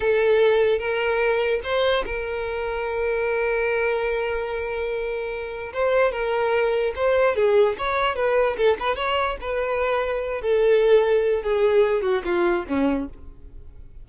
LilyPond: \new Staff \with { instrumentName = "violin" } { \time 4/4 \tempo 4 = 147 a'2 ais'2 | c''4 ais'2.~ | ais'1~ | ais'2 c''4 ais'4~ |
ais'4 c''4 gis'4 cis''4 | b'4 a'8 b'8 cis''4 b'4~ | b'4. a'2~ a'8 | gis'4. fis'8 f'4 cis'4 | }